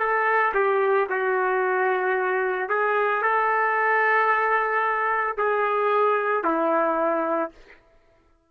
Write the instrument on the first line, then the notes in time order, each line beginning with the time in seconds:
trumpet
0.00 A4
0.55 G4
1.10 F#4
2.69 G#4
3.23 A4
5.38 G#4
6.44 E4